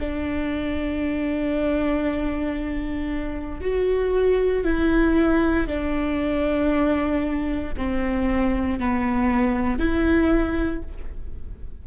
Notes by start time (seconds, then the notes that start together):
0.00 D4
3.61 F#4
4.65 E4
5.68 D4
7.78 C4
8.80 B3
9.79 E4